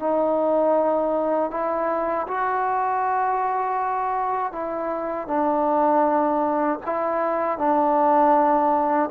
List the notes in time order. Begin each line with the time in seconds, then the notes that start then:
0.00 D#4
1.51 E4
2.28 F#4
4.53 E4
5.28 D4
6.86 E4
7.58 D4